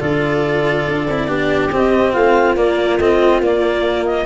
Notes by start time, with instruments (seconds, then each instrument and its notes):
0.00 tuba D3, cello F4, viola A4, clarinet D5
0.88 tuba D4
1.08 tuba C4, cello E4
1.27 tuba B3, cello D4, viola G4
1.72 tuba C4, cello C4, clarinet D#5
2.13 tuba A3, viola F4, clarinet F5
2.55 tuba A#3, cello A#3, clarinet D5
2.97 tuba A3, cello C4, clarinet D#5
3.40 tuba A#3, cello A#3, clarinet D5
4.06 clarinet D#5